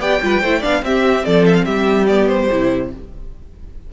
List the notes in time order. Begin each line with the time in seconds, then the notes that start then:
0.00 B3 G4 D5 G5
0.22 G3 F4 B4
0.42 A3 E4 C5
0.59 B3 D4 D5 F5
0.82 C4 G4 E5
1.25 F3 A4 D5
1.46 E5
1.54 F5
1.65 G3 G4 E5
2.07 B3 D5
2.28 C5
2.51 C3 E4